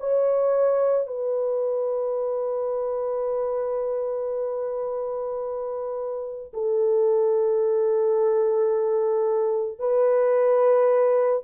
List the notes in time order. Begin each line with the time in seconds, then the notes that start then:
0.00 C#5
1.07 B4
6.53 A4
9.79 B4